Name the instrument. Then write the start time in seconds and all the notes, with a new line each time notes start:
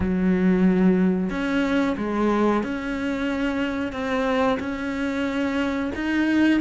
cello
0.00 F#3
1.30 C#4
1.97 G#3
2.63 C#4
3.92 C4
4.59 C#4
5.95 D#4